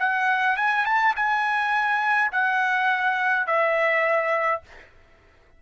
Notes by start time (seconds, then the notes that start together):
0.00 F#5
0.57 G#5
0.85 A5
1.16 G#5
2.32 F#5
3.47 E5